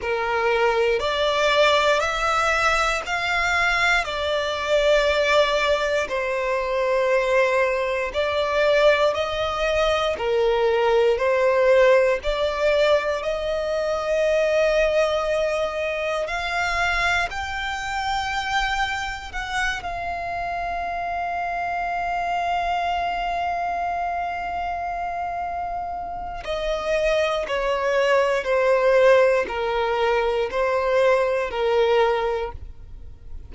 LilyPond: \new Staff \with { instrumentName = "violin" } { \time 4/4 \tempo 4 = 59 ais'4 d''4 e''4 f''4 | d''2 c''2 | d''4 dis''4 ais'4 c''4 | d''4 dis''2. |
f''4 g''2 fis''8 f''8~ | f''1~ | f''2 dis''4 cis''4 | c''4 ais'4 c''4 ais'4 | }